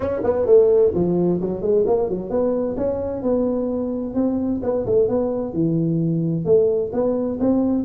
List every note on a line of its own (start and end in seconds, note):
0.00 0.21 C#4
0.23 0.46 B3
0.46 0.92 A3
0.94 1.40 F3
1.40 1.61 F#3
1.61 1.84 G#3
1.86 2.09 A#3
2.09 2.30 F#3
2.30 2.76 B3
2.77 3.22 C#4
3.22 4.14 B3
4.14 4.60 C4
4.62 4.85 B3
4.86 5.08 A3
5.08 5.53 B3
5.53 6.45 E3
6.45 6.91 A3
6.92 7.38 B3
7.40 7.84 C4